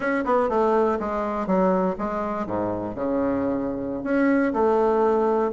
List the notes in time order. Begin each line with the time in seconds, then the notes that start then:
0.00 C#4
0.24 B3
0.49 A3
0.99 G#3
1.46 F#3
1.98 G#3
2.46 G#2
2.95 C#3
4.03 C#4
4.53 A3